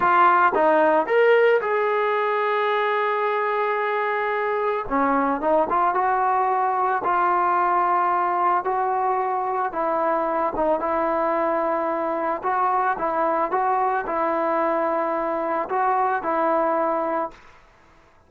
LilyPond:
\new Staff \with { instrumentName = "trombone" } { \time 4/4 \tempo 4 = 111 f'4 dis'4 ais'4 gis'4~ | gis'1~ | gis'4 cis'4 dis'8 f'8 fis'4~ | fis'4 f'2. |
fis'2 e'4. dis'8 | e'2. fis'4 | e'4 fis'4 e'2~ | e'4 fis'4 e'2 | }